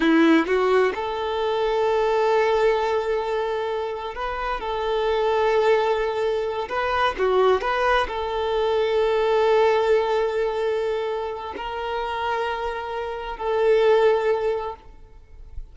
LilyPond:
\new Staff \with { instrumentName = "violin" } { \time 4/4 \tempo 4 = 130 e'4 fis'4 a'2~ | a'1~ | a'4 b'4 a'2~ | a'2~ a'8 b'4 fis'8~ |
fis'8 b'4 a'2~ a'8~ | a'1~ | a'4 ais'2.~ | ais'4 a'2. | }